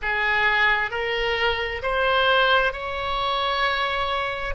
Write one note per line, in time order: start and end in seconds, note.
0.02 0.90 G#4
0.90 1.81 A#4
1.82 2.72 C5
2.72 4.54 C#5